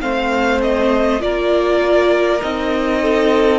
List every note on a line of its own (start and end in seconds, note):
0.00 1.21 A3
0.00 1.20 C4
0.00 1.21 C5
0.00 0.61 F5
0.61 1.21 D#5
1.20 2.41 A#3
1.20 2.40 F4
1.20 3.02 A#4
1.20 2.41 D5
2.41 3.59 C4
2.41 3.59 D#4
2.41 3.59 D#5
3.02 3.59 A4